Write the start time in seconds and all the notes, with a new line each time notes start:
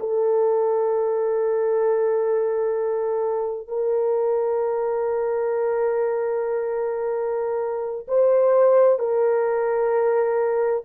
0.00 A4
3.68 A#4
8.08 C5
9.00 A#4